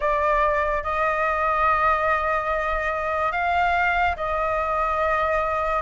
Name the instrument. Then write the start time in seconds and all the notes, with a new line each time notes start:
flute
0.00 D5
0.83 D#5
3.32 F5
4.16 D#5